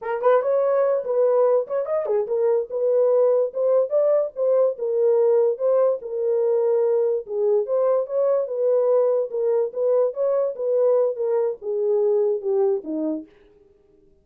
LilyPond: \new Staff \with { instrumentName = "horn" } { \time 4/4 \tempo 4 = 145 ais'8 b'8 cis''4. b'4. | cis''8 dis''8 gis'8 ais'4 b'4.~ | b'8 c''4 d''4 c''4 ais'8~ | ais'4. c''4 ais'4.~ |
ais'4. gis'4 c''4 cis''8~ | cis''8 b'2 ais'4 b'8~ | b'8 cis''4 b'4. ais'4 | gis'2 g'4 dis'4 | }